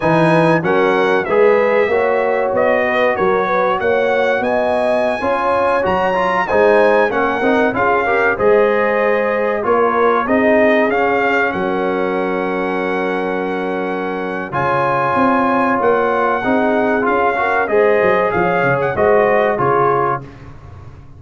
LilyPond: <<
  \new Staff \with { instrumentName = "trumpet" } { \time 4/4 \tempo 4 = 95 gis''4 fis''4 e''2 | dis''4 cis''4 fis''4 gis''4~ | gis''4~ gis''16 ais''4 gis''4 fis''8.~ | fis''16 f''4 dis''2 cis''8.~ |
cis''16 dis''4 f''4 fis''4.~ fis''16~ | fis''2. gis''4~ | gis''4 fis''2 f''4 | dis''4 f''8. fis''16 dis''4 cis''4 | }
  \new Staff \with { instrumentName = "horn" } { \time 4/4 b'4 ais'4 b'4 cis''4~ | cis''8 b'8 ais'8 b'8 cis''4 dis''4~ | dis''16 cis''2 c''4 ais'8.~ | ais'16 gis'8 ais'8 c''2 ais'8.~ |
ais'16 gis'2 ais'4.~ ais'16~ | ais'2. cis''4~ | cis''2 gis'4. ais'8 | c''4 cis''4 c''4 gis'4 | }
  \new Staff \with { instrumentName = "trombone" } { \time 4/4 dis'4 cis'4 gis'4 fis'4~ | fis'1~ | fis'16 f'4 fis'8 f'8 dis'4 cis'8 dis'16~ | dis'16 f'8 g'8 gis'2 f'8.~ |
f'16 dis'4 cis'2~ cis'8.~ | cis'2. f'4~ | f'2 dis'4 f'8 fis'8 | gis'2 fis'4 f'4 | }
  \new Staff \with { instrumentName = "tuba" } { \time 4/4 e4 fis4 gis4 ais4 | b4 fis4 ais4 b4~ | b16 cis'4 fis4 gis4 ais8 c'16~ | c'16 cis'4 gis2 ais8.~ |
ais16 c'4 cis'4 fis4.~ fis16~ | fis2. cis4 | c'4 ais4 c'4 cis'4 | gis8 fis8 f8 cis8 gis4 cis4 | }
>>